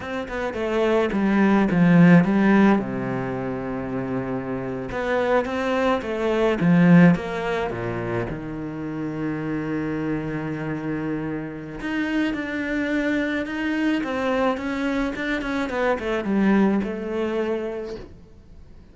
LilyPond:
\new Staff \with { instrumentName = "cello" } { \time 4/4 \tempo 4 = 107 c'8 b8 a4 g4 f4 | g4 c2.~ | c8. b4 c'4 a4 f16~ | f8. ais4 ais,4 dis4~ dis16~ |
dis1~ | dis4 dis'4 d'2 | dis'4 c'4 cis'4 d'8 cis'8 | b8 a8 g4 a2 | }